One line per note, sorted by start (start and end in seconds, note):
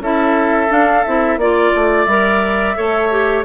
0.00 0.69 C#4
0.00 0.69 E4
0.00 1.41 A4
0.00 0.72 E5
0.69 1.04 D4
0.69 1.06 D4
0.69 1.05 F5
1.05 1.37 C4
1.05 1.41 E4
1.05 1.39 E5
1.37 1.72 A#3
1.37 2.09 F4
1.37 2.06 D5
1.37 2.77 D5
1.75 2.07 A3
2.06 2.76 G3
2.06 2.76 A#4
2.06 3.44 E5
2.76 3.45 A3
2.76 3.11 A4
2.76 3.45 C#5
3.11 3.45 G4